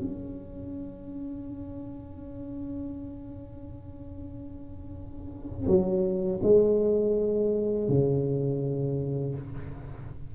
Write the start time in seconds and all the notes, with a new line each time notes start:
0.00 C#4
5.67 F#3
6.43 G#3
7.89 C#3